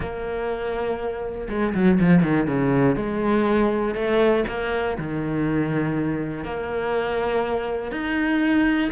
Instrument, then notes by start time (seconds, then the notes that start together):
cello
0.00 A#3
1.49 G#3
1.74 F#3
2.00 F3
2.22 D#3
2.47 C#3
2.96 G#3
3.94 A3
4.48 A#3
4.98 D#3
6.44 A#3
7.91 D#4